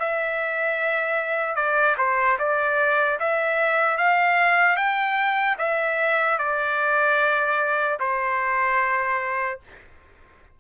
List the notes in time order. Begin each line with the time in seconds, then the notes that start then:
0.00 E5
1.56 D5
1.98 C5
2.39 D5
3.20 E5
3.98 F5
4.77 G5
5.59 E5
6.39 D5
8.00 C5